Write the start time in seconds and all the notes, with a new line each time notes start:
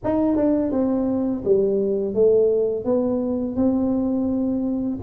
0.04 D#4
0.35 D4
0.71 C4
1.44 G3
2.14 A3
2.84 B3
3.56 C4